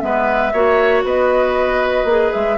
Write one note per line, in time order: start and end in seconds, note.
0.00 0.53 G#3
0.00 0.52 B3
0.00 0.53 B4
0.00 1.03 E5
0.53 1.04 A#3
0.53 2.08 F#4
0.53 1.04 C#5
1.04 2.04 B3
1.04 2.58 B4
1.04 2.33 D#5
2.04 2.30 A#3
2.04 2.58 G#4
2.33 2.58 G#3
2.33 2.58 E5